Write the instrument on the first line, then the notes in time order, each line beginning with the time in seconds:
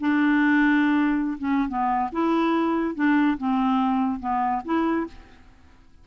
clarinet
0.00 D4
1.38 C#4
1.68 B3
2.12 E4
2.95 D4
3.37 C4
4.20 B3
4.65 E4